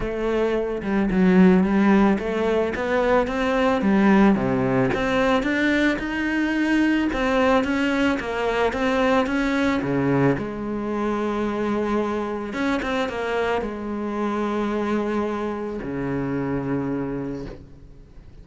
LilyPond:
\new Staff \with { instrumentName = "cello" } { \time 4/4 \tempo 4 = 110 a4. g8 fis4 g4 | a4 b4 c'4 g4 | c4 c'4 d'4 dis'4~ | dis'4 c'4 cis'4 ais4 |
c'4 cis'4 cis4 gis4~ | gis2. cis'8 c'8 | ais4 gis2.~ | gis4 cis2. | }